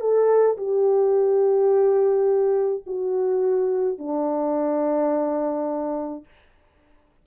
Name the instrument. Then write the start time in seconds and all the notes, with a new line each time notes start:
horn
0.00 A4
0.57 G4
2.86 F#4
3.98 D4